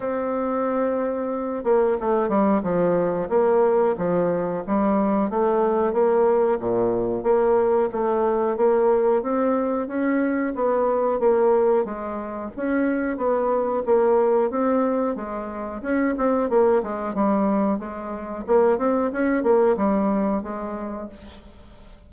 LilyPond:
\new Staff \with { instrumentName = "bassoon" } { \time 4/4 \tempo 4 = 91 c'2~ c'8 ais8 a8 g8 | f4 ais4 f4 g4 | a4 ais4 ais,4 ais4 | a4 ais4 c'4 cis'4 |
b4 ais4 gis4 cis'4 | b4 ais4 c'4 gis4 | cis'8 c'8 ais8 gis8 g4 gis4 | ais8 c'8 cis'8 ais8 g4 gis4 | }